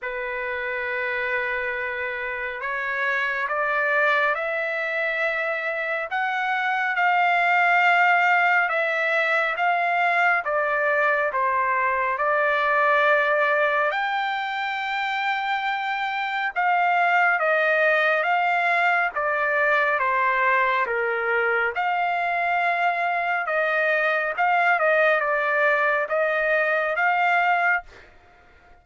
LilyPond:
\new Staff \with { instrumentName = "trumpet" } { \time 4/4 \tempo 4 = 69 b'2. cis''4 | d''4 e''2 fis''4 | f''2 e''4 f''4 | d''4 c''4 d''2 |
g''2. f''4 | dis''4 f''4 d''4 c''4 | ais'4 f''2 dis''4 | f''8 dis''8 d''4 dis''4 f''4 | }